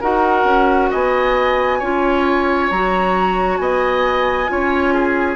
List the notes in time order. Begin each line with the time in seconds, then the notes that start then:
0.00 D#4 F#4 A#4 F#5
0.44 C#4
0.90 B3 D#5 G#5
1.78 C#4 F4 C#5
2.70 F#3 F#4 A#5
3.57 B3 D#5 G#5
4.47 C#4 F4 C#5
4.94 G#4